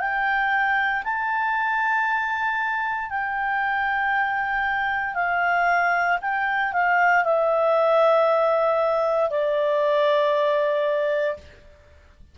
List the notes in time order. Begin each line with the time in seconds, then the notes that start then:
0.00 G5
1.04 A5
3.10 G5
5.15 F5
6.22 G5
6.73 F5
7.25 E5
9.31 D5